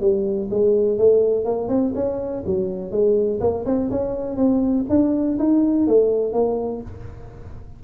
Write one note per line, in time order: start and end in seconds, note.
0.00 0.49 G3
0.50 0.98 G#3
0.98 1.45 A3
1.45 1.68 A#3
1.68 1.92 C4
1.94 2.43 C#4
2.46 2.91 F#3
2.91 3.40 G#3
3.40 3.65 A#3
3.65 3.90 C4
3.90 4.36 C#4
4.36 4.85 C4
4.89 5.38 D4
5.38 5.87 D#4
5.87 6.33 A3
6.33 6.82 A#3